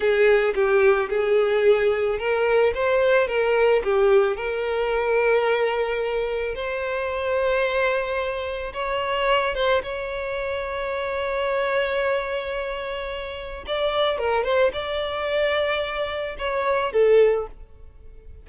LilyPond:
\new Staff \with { instrumentName = "violin" } { \time 4/4 \tempo 4 = 110 gis'4 g'4 gis'2 | ais'4 c''4 ais'4 g'4 | ais'1 | c''1 |
cis''4. c''8 cis''2~ | cis''1~ | cis''4 d''4 ais'8 c''8 d''4~ | d''2 cis''4 a'4 | }